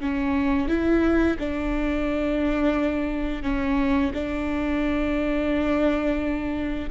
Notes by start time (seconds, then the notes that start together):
0.00 C#4
0.68 E4
1.39 D4
3.43 C#4
4.14 D4